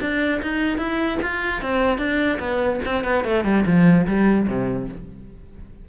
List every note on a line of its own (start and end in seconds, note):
0.00 0.41 D4
0.41 0.78 D#4
0.78 1.18 E4
1.22 1.61 F4
1.61 1.98 C4
1.98 2.38 D4
2.39 2.80 B3
2.85 3.04 C4
3.04 3.24 B3
3.24 3.44 A3
3.44 3.64 G3
3.66 4.06 F3
4.06 4.47 G3
4.47 4.88 C3